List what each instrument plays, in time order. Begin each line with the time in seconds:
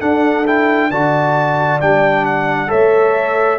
0.00 trombone D4, tuba D4, horn A4, trumpet F#5
0.47 trombone E4, trumpet G5
0.91 tuba D3, trombone F#4, horn D5, trumpet A5
1.81 tuba G3, trombone D4, trumpet G5
2.26 trumpet F#5
2.68 tuba A3, trombone A4, horn C#5, trumpet E5